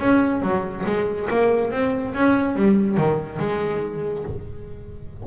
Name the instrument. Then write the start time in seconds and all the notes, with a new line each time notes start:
double bass
0.00 C#4
0.42 F#3
0.86 G#3
1.30 A#3
1.72 C4
2.15 C#4
2.56 G3
2.97 D#3
3.39 G#3